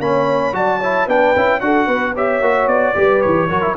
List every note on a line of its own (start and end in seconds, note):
0.00 0.53 A#3
0.00 0.53 C#4
0.00 0.55 C#5
0.00 0.55 B5
0.53 1.07 F#3
0.53 0.80 F#4
0.53 0.79 D5
0.53 1.09 A5
0.79 1.09 E4
0.79 1.06 C#5
1.06 1.34 B3
1.06 1.36 D4
1.06 1.59 B4
1.06 1.60 G5
1.36 1.61 C#4
1.36 1.61 E4
1.60 1.88 D4
1.60 2.15 F#4
1.60 1.86 A4
1.60 2.14 F#5
1.86 2.41 B3
1.86 2.13 B4
2.15 2.43 G4
2.15 2.95 C#5
2.15 2.68 E5
2.41 2.67 A#3
2.41 2.95 F#4
2.67 2.94 B3
2.67 3.21 D5
2.95 3.24 G3
2.95 3.49 G4
2.95 3.49 B4
3.21 3.50 E3
3.21 3.75 C#5
3.49 3.77 F#3
3.49 3.62 F#4
3.49 3.76 A#4
3.62 3.75 E4